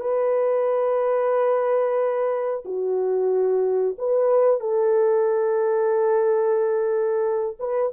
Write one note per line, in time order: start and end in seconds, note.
0.00 2.64 B4
2.65 3.97 F#4
3.98 4.60 B4
4.60 7.57 A4
7.59 7.92 B4